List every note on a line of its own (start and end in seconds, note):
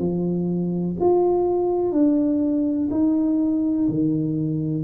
0.00 0.97 F3
1.01 1.93 F4
1.93 2.89 D4
2.92 3.88 D#4
3.89 4.84 D#3